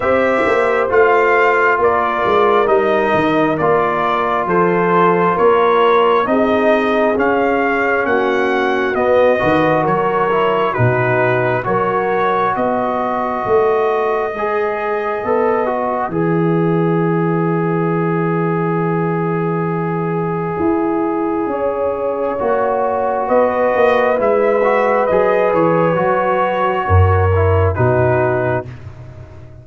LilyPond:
<<
  \new Staff \with { instrumentName = "trumpet" } { \time 4/4 \tempo 4 = 67 e''4 f''4 d''4 dis''4 | d''4 c''4 cis''4 dis''4 | f''4 fis''4 dis''4 cis''4 | b'4 cis''4 dis''2~ |
dis''2 e''2~ | e''1~ | e''2 dis''4 e''4 | dis''8 cis''2~ cis''8 b'4 | }
  \new Staff \with { instrumentName = "horn" } { \time 4/4 c''2 ais'2~ | ais'4 a'4 ais'4 gis'4~ | gis'4 fis'4. b'8 ais'4 | fis'4 ais'4 b'2~ |
b'1~ | b'1 | cis''2 b'2~ | b'2 ais'4 fis'4 | }
  \new Staff \with { instrumentName = "trombone" } { \time 4/4 g'4 f'2 dis'4 | f'2. dis'4 | cis'2 b8 fis'4 e'8 | dis'4 fis'2. |
gis'4 a'8 fis'8 gis'2~ | gis'1~ | gis'4 fis'2 e'8 fis'8 | gis'4 fis'4. e'8 dis'4 | }
  \new Staff \with { instrumentName = "tuba" } { \time 4/4 c'8 ais8 a4 ais8 gis8 g8 dis8 | ais4 f4 ais4 c'4 | cis'4 ais4 b8 dis8 fis4 | b,4 fis4 b4 a4 |
gis4 b4 e2~ | e2. e'4 | cis'4 ais4 b8 ais8 gis4 | fis8 e8 fis4 fis,4 b,4 | }
>>